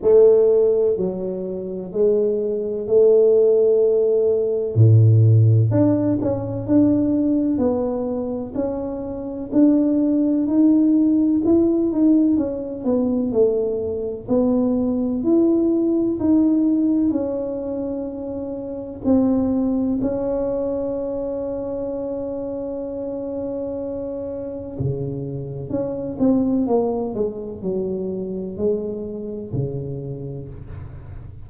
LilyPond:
\new Staff \with { instrumentName = "tuba" } { \time 4/4 \tempo 4 = 63 a4 fis4 gis4 a4~ | a4 a,4 d'8 cis'8 d'4 | b4 cis'4 d'4 dis'4 | e'8 dis'8 cis'8 b8 a4 b4 |
e'4 dis'4 cis'2 | c'4 cis'2.~ | cis'2 cis4 cis'8 c'8 | ais8 gis8 fis4 gis4 cis4 | }